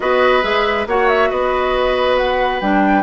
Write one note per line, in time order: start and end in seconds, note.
0.00 0.43 B3
0.00 0.42 F#4
0.00 0.88 B4
0.00 0.43 D#5
0.42 0.86 G#3
0.42 0.85 G#4
0.42 0.86 E5
0.86 1.30 A#3
0.86 2.62 F#4
0.86 1.29 C#5
0.86 1.08 F#5
1.08 1.30 E5
1.29 2.61 B3
1.29 3.03 B4
1.29 2.16 D#5
2.16 2.60 F#5
2.61 3.03 G3
2.61 3.03 D4
2.61 3.03 G5